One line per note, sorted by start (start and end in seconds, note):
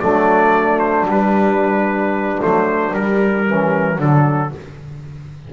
0.00 1.06 F#3
0.00 1.07 A3
0.00 3.45 D4
0.00 0.79 D5
0.79 1.06 C5
1.06 2.39 G3
1.06 2.42 B4
2.39 2.94 F#3
2.39 2.92 A3
2.39 2.95 C5
2.94 3.99 G3
2.94 3.47 G3
2.94 4.00 A#4
3.47 3.99 E3
3.47 3.98 C#4
3.98 4.52 D3
3.98 4.52 F#3
3.98 4.51 D4
3.98 4.54 A4